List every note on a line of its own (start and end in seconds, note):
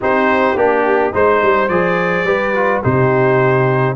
0.00 0.54 C4
0.00 0.56 D#4
0.00 1.13 G4
0.00 0.57 C5
0.54 1.11 A#3
0.54 1.12 D4
0.54 1.14 G4
1.12 1.42 G#3
1.12 1.69 D#4
1.12 2.26 C5
1.12 1.68 C5
1.42 1.69 G3
1.68 2.23 F3
1.68 2.26 G#4
1.68 2.81 D5
2.23 2.80 G3
2.23 2.54 G4
2.23 2.82 B4
2.54 2.83 F4
2.82 3.96 C3
2.82 3.96 D#4
2.82 3.96 G4
2.82 3.96 C5